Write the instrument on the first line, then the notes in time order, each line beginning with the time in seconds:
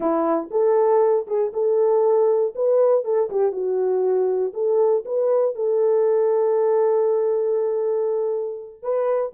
horn
0.00 E4
0.50 A4
1.27 G#4
1.53 A4
2.55 B4
3.04 A4
3.30 G4
3.52 F#4
4.53 A4
5.05 B4
5.55 A4
8.82 B4